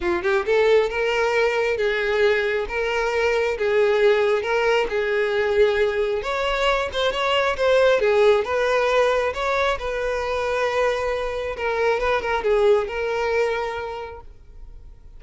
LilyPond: \new Staff \with { instrumentName = "violin" } { \time 4/4 \tempo 4 = 135 f'8 g'8 a'4 ais'2 | gis'2 ais'2 | gis'2 ais'4 gis'4~ | gis'2 cis''4. c''8 |
cis''4 c''4 gis'4 b'4~ | b'4 cis''4 b'2~ | b'2 ais'4 b'8 ais'8 | gis'4 ais'2. | }